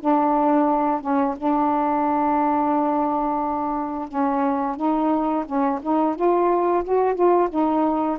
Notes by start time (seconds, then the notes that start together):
0.00 D4
1.01 C#4
1.37 D4
4.08 C#4
4.76 D#4
5.45 C#4
5.82 D#4
6.15 F4
6.84 F#4
7.15 F4
7.50 D#4